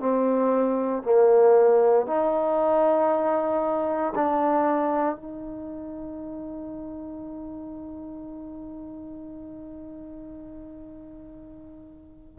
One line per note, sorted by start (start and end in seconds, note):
0.00 1.03 C4
1.03 2.07 A#3
2.07 4.14 D#4
4.16 5.16 D4
5.16 12.39 D#4